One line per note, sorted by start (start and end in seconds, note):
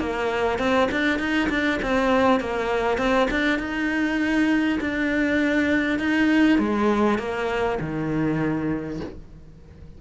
0.00 0.59 A#3
0.59 0.89 C4
0.92 1.19 D4
1.19 1.49 D#4
1.50 1.80 D4
1.83 2.41 C4
2.41 2.98 A#3
2.98 3.28 C4
3.31 3.59 D4
3.59 4.79 D#4
4.81 5.99 D4
5.99 6.59 D#4
6.59 7.19 G#3
7.19 7.79 A#3
7.80 9.00 D#3